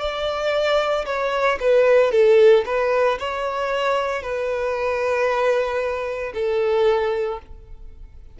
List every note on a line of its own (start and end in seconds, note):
0.00 1.05 D5
1.06 1.58 C#5
1.60 2.11 B4
2.11 2.64 A4
2.66 3.18 B4
3.19 4.22 C#5
4.22 6.33 B4
6.34 7.39 A4